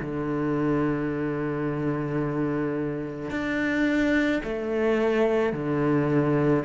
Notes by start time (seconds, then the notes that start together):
0.00 D3
3.30 D4
4.43 A3
5.53 D3